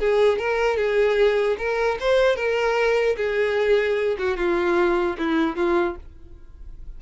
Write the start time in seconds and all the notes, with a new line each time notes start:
0.00 G#4
0.39 A#4
0.77 G#4
1.59 A#4
2.01 C5
2.36 A#4
3.17 G#4
4.19 F#4
4.37 F4
5.18 E4
5.56 F4